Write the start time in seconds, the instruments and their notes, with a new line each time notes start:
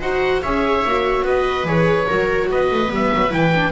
0.00 double bass D#4, viola F#4 C5, oboe F#5
0.42 double bass C#4, viola G#4 C#5, oboe E5
0.85 double bass A#3, viola F#4
1.22 double bass B3, viola B4, oboe D#5
1.63 double bass E3, viola G#4, oboe C#5
2.08 double bass F#3, viola F#4 A#4
2.49 double bass B3, viola B4, oboe D#5
2.71 double bass A3
2.86 double bass G3, viola B3
2.94 oboe E5
3.14 double bass F#3
3.30 double bass E3, viola E4, oboe G5
3.55 viola D4